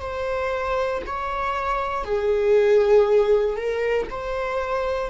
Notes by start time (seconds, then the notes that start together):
0.00 C5
1.06 C#5
2.04 G#4
3.56 A#4
4.10 C5